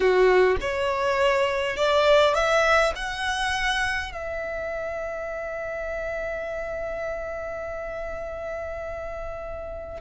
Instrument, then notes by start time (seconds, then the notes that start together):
violin
0.00 F#4
0.60 C#5
1.76 D5
2.34 E5
2.95 F#5
4.12 E5